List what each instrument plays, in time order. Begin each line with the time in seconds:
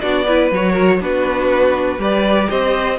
0.00 cello B3, viola D4, violin F#4 D5
0.26 viola E4, violin B4
0.51 cello F#3, viola F#4, violin C#5
0.72 violin A#4
1.00 cello B3, viola D4, violin F#4 B4
1.98 cello G3, viola G4, violin B4 D5
2.49 cello C4, violin C5 D#5